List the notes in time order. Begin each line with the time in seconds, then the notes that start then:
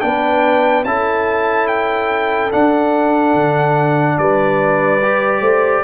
0.00 B3 D4 B4 G5
0.84 C#4 E4 A4 A5
1.67 G5
2.51 D4 F#5
3.34 D3
4.18 G3 B4 D5
5.02 G4
5.40 A3 C5